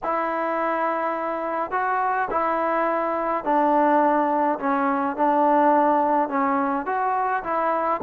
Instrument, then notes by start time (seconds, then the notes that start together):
trombone
0.03 E4
1.71 F#4
2.30 E4
3.44 D4
4.59 C#4
5.16 D4
6.28 C#4
6.86 F#4
7.43 E4